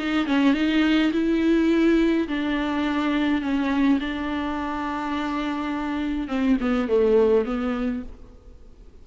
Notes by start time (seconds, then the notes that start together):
0.00 D#4
0.27 C#4
0.54 D#4
1.13 E4
2.29 D4
3.42 C#4
4.00 D4
6.28 C4
6.61 B3
6.89 A3
7.46 B3